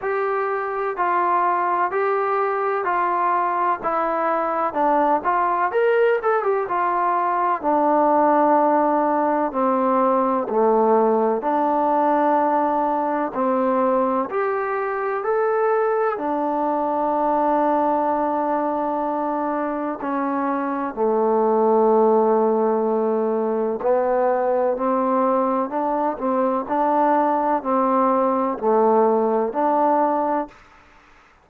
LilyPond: \new Staff \with { instrumentName = "trombone" } { \time 4/4 \tempo 4 = 63 g'4 f'4 g'4 f'4 | e'4 d'8 f'8 ais'8 a'16 g'16 f'4 | d'2 c'4 a4 | d'2 c'4 g'4 |
a'4 d'2.~ | d'4 cis'4 a2~ | a4 b4 c'4 d'8 c'8 | d'4 c'4 a4 d'4 | }